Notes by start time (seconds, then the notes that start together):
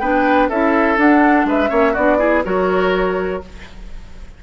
0.00 B3 D4 B4 G5
0.49 C#4 E4 A4 E5
0.97 D4 F#5
1.45 G#3 B4 E5
1.69 A#3 C#4 C#5
1.93 B3 D4 F#4 D5
2.19 E4 G#4
2.44 F#3 F#4 A#4 C#5